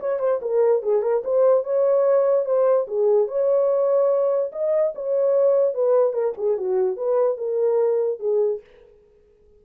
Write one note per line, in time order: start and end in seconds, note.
0.00 0.20 C#5
0.20 0.41 C5
0.42 0.83 A#4
0.83 1.03 G#4
1.03 1.23 A#4
1.25 1.64 C5
1.64 2.46 C#5
2.46 2.87 C5
2.88 3.28 G#4
3.28 4.51 C#5
4.53 4.94 D#5
4.95 5.75 C#5
5.75 6.13 B4
6.13 6.34 A#4
6.38 6.58 G#4
6.58 6.97 F#4
6.97 7.38 B4
7.38 8.20 A#4
8.20 8.61 G#4